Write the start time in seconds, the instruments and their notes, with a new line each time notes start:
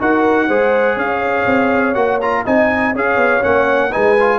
0.00 tuba D#4, trombone F#4, horn A#4, trumpet F#5
0.47 tuba G#3, trombone G#4, horn C5
0.96 tuba C#4, horn C#5, trumpet F5
1.46 tuba C4
1.95 tuba A#3, trombone F#4, trumpet F#5
2.21 trombone F4, trumpet A#5
2.45 tuba C4, trombone D#4, horn D#5, trumpet G#5
2.94 tuba C#4, trombone G#4, horn C#5, trumpet F5
3.17 tuba B3
3.42 tuba A#3, trombone C#4, trumpet F#5
3.90 tuba G#3, trombone D#4, horn B4, trumpet G#5
4.20 trombone F4